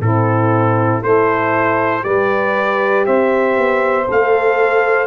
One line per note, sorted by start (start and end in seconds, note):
0.00 1.02 A2
0.00 1.03 C4
0.00 1.03 E4
0.00 1.03 A4
1.03 2.04 A3
1.03 2.01 E4
1.03 2.04 A4
1.03 2.04 C5
2.01 3.06 G3
2.01 4.04 G4
2.01 3.06 B4
2.01 3.05 D5
3.06 3.57 C4
3.06 5.07 C5
3.06 4.07 E5
3.57 4.08 B3
4.07 5.07 A3
4.07 5.07 A4
4.07 5.07 F5